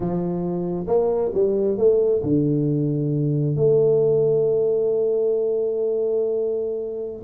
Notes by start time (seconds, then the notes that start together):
0.00 F3
0.87 A#3
1.33 G3
1.77 A3
2.22 D3
3.56 A3